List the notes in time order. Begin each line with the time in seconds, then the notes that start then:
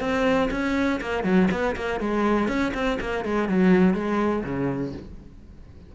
0.00 C4
0.51 C#4
1.01 A#3
1.24 F#3
1.51 B3
1.76 A#3
2.00 G#3
2.48 C#4
2.74 C4
3.00 A#3
3.24 G#3
3.49 F#3
3.94 G#3
4.43 C#3